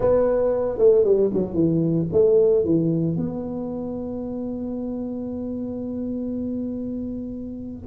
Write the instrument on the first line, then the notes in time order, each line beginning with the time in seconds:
tuba
0.00 B3
0.78 A3
1.04 G3
1.33 F#3
1.53 E3
2.12 A3
2.65 E3
3.16 B3